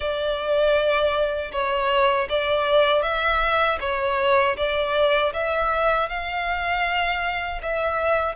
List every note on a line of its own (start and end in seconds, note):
0.00 1.51 D5
1.52 2.28 C#5
2.29 3.02 D5
3.02 3.78 E5
3.80 4.56 C#5
4.56 5.32 D5
5.33 6.09 E5
6.09 7.61 F5
7.62 8.35 E5